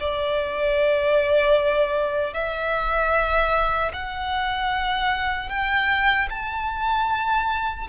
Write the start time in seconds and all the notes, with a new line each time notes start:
0.00 D5
2.34 E5
3.93 F#5
5.49 G5
6.30 A5